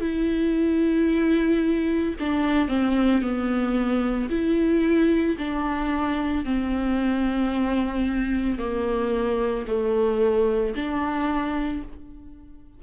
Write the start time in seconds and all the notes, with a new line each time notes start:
0.00 E4
2.20 D4
2.68 C4
3.21 B3
4.29 E4
5.38 D4
6.44 C4
8.58 A#3
9.67 A3
10.75 D4